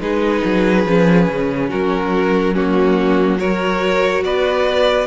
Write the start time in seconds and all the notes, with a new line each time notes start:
0.00 G#3 D#4 G#4 B4
0.45 F#3
0.86 F3 C#4
1.29 C#3
1.69 F#3 F#4 A#4
2.54 A#3 C#4 F#4
3.39 F#4 A#4 C#5
4.23 B3 B4 D5